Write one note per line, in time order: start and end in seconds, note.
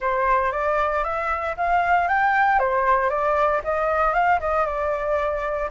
0.00 0.52 C5
0.52 1.03 D5
1.03 1.55 E5
1.56 2.07 F5
2.07 2.59 G5
2.59 3.09 C5
3.09 3.61 D5
3.63 4.13 D#5
4.13 4.39 F5
4.40 4.66 D#5
4.66 5.69 D5